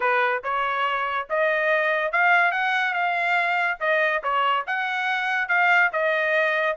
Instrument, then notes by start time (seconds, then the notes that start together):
trumpet
0.00 B4
0.43 C#5
1.29 D#5
2.12 F5
2.51 F#5
2.93 F5
3.80 D#5
4.23 C#5
4.67 F#5
5.48 F5
5.92 D#5